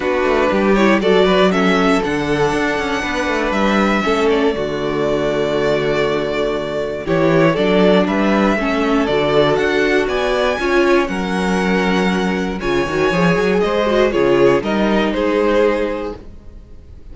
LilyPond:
<<
  \new Staff \with { instrumentName = "violin" } { \time 4/4 \tempo 4 = 119 b'4. cis''8 d''4 e''4 | fis''2. e''4~ | e''8 d''2.~ d''8~ | d''2 cis''4 d''4 |
e''2 d''4 fis''4 | gis''2 fis''2~ | fis''4 gis''2 dis''4 | cis''4 dis''4 c''2 | }
  \new Staff \with { instrumentName = "violin" } { \time 4/4 fis'4 g'4 a'8 b'8 a'4~ | a'2 b'2 | a'4 fis'2.~ | fis'2 g'4 a'4 |
b'4 a'2. | d''4 cis''4 ais'2~ | ais'4 cis''2 c''4 | gis'4 ais'4 gis'2 | }
  \new Staff \with { instrumentName = "viola" } { \time 4/4 d'4. e'8 fis'4 cis'4 | d'1 | cis'4 a2.~ | a2 e'4 d'4~ |
d'4 cis'4 fis'2~ | fis'4 f'4 cis'2~ | cis'4 f'8 fis'8 gis'4. fis'8 | f'4 dis'2. | }
  \new Staff \with { instrumentName = "cello" } { \time 4/4 b8 a8 g4 fis2 | d4 d'8 cis'8 b8 a8 g4 | a4 d2.~ | d2 e4 fis4 |
g4 a4 d4 d'4 | b4 cis'4 fis2~ | fis4 cis8 dis8 f8 fis8 gis4 | cis4 g4 gis2 | }
>>